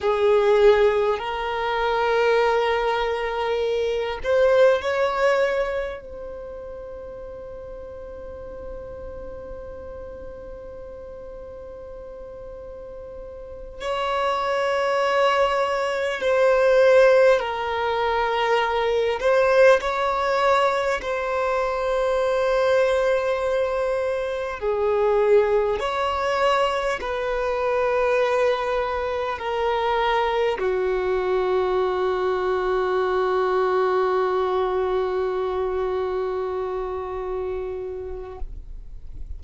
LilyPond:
\new Staff \with { instrumentName = "violin" } { \time 4/4 \tempo 4 = 50 gis'4 ais'2~ ais'8 c''8 | cis''4 c''2.~ | c''2.~ c''8 cis''8~ | cis''4. c''4 ais'4. |
c''8 cis''4 c''2~ c''8~ | c''8 gis'4 cis''4 b'4.~ | b'8 ais'4 fis'2~ fis'8~ | fis'1 | }